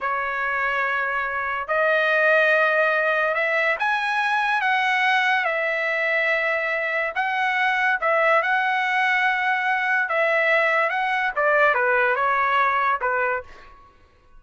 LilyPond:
\new Staff \with { instrumentName = "trumpet" } { \time 4/4 \tempo 4 = 143 cis''1 | dis''1 | e''4 gis''2 fis''4~ | fis''4 e''2.~ |
e''4 fis''2 e''4 | fis''1 | e''2 fis''4 d''4 | b'4 cis''2 b'4 | }